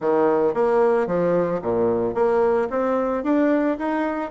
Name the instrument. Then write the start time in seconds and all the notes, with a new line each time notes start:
bassoon
0.00 D#3
0.54 A#3
1.06 F3
1.62 A#2
2.14 A#3
2.70 C4
3.23 D4
3.78 D#4